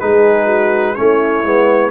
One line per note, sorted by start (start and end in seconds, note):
0.00 0.97 G#3
0.00 0.96 D#4
0.00 0.46 G#4
0.00 0.95 B4
0.46 0.94 F#4
0.95 1.44 A3
0.95 1.44 C#4
0.95 1.91 E4
0.95 1.90 C#5
1.44 1.91 G#3
1.44 1.91 B3